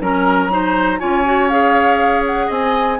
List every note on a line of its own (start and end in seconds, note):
0.00 1.00 F#3
0.00 0.49 C#4
0.00 0.51 A#4
0.00 0.99 A#5
0.49 0.99 D#4
0.49 0.99 C5
0.99 2.49 C#4
0.99 1.24 F4
0.99 2.46 C#5
0.99 1.48 G#5
1.24 1.49 F#4
1.48 2.99 G#4
1.48 2.23 F5
2.26 2.51 F#5
2.46 2.99 C4
2.46 2.96 D#5
2.46 2.99 G#5